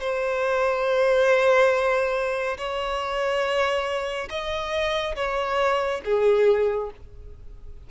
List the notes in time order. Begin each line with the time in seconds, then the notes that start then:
0.00 C5
2.58 C#5
4.30 D#5
5.15 C#5
6.05 G#4